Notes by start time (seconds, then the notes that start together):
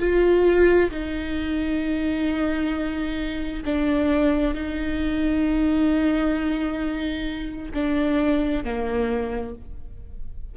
0.00 F4
0.91 D#4
3.66 D4
4.55 D#4
7.74 D4
8.64 A#3